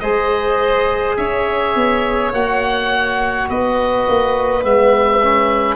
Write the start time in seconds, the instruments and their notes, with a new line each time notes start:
0.00 tuba G#3, trombone G#4, violin C5, oboe D#5
1.17 tuba C#4, violin C#5, oboe E5
1.75 tuba B3
2.33 tuba A#3, trombone F#4, oboe F#5
3.49 tuba B3, violin B4, oboe D#5
4.08 tuba A#3
4.63 tuba G#3, trombone B3, oboe E5
5.22 trombone C#4